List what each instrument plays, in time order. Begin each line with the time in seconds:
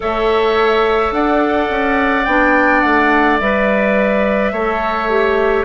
0.00 bassoon A3, clarinet A4, oboe C#5, flute E5
1.11 bassoon D4, oboe D5, flute F#5
1.69 bassoon C#4
2.25 bassoon B3, clarinet D4, flute G5
2.80 bassoon A3, flute F#5
3.40 bassoon G3, clarinet B4, flute E5
4.52 bassoon A3, clarinet A4, oboe C#5
5.09 clarinet G4